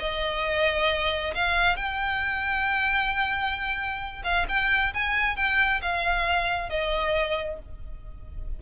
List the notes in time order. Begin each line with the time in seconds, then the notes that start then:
0.00 D#5
1.35 F5
1.76 G5
4.24 F5
4.49 G5
4.94 G#5
5.36 G5
5.82 F5
6.70 D#5